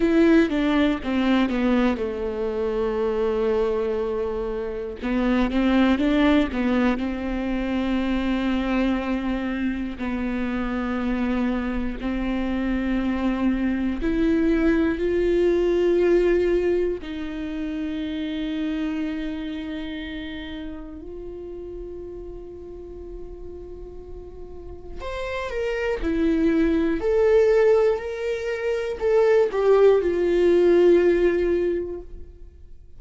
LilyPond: \new Staff \with { instrumentName = "viola" } { \time 4/4 \tempo 4 = 60 e'8 d'8 c'8 b8 a2~ | a4 b8 c'8 d'8 b8 c'4~ | c'2 b2 | c'2 e'4 f'4~ |
f'4 dis'2.~ | dis'4 f'2.~ | f'4 c''8 ais'8 e'4 a'4 | ais'4 a'8 g'8 f'2 | }